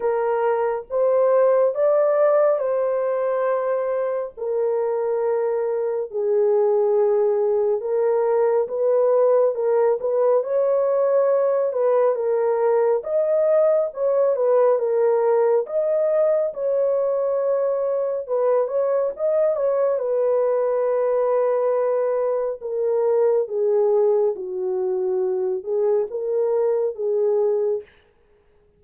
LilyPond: \new Staff \with { instrumentName = "horn" } { \time 4/4 \tempo 4 = 69 ais'4 c''4 d''4 c''4~ | c''4 ais'2 gis'4~ | gis'4 ais'4 b'4 ais'8 b'8 | cis''4. b'8 ais'4 dis''4 |
cis''8 b'8 ais'4 dis''4 cis''4~ | cis''4 b'8 cis''8 dis''8 cis''8 b'4~ | b'2 ais'4 gis'4 | fis'4. gis'8 ais'4 gis'4 | }